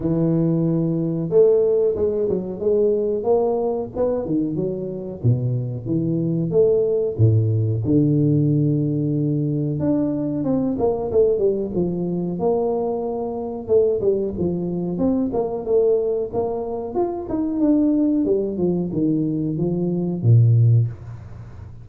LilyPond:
\new Staff \with { instrumentName = "tuba" } { \time 4/4 \tempo 4 = 92 e2 a4 gis8 fis8 | gis4 ais4 b8 dis8 fis4 | b,4 e4 a4 a,4 | d2. d'4 |
c'8 ais8 a8 g8 f4 ais4~ | ais4 a8 g8 f4 c'8 ais8 | a4 ais4 f'8 dis'8 d'4 | g8 f8 dis4 f4 ais,4 | }